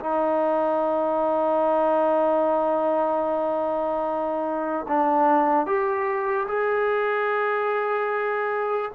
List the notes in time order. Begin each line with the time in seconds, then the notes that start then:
0.00 D#4
4.89 D4
5.66 G4
6.48 G#4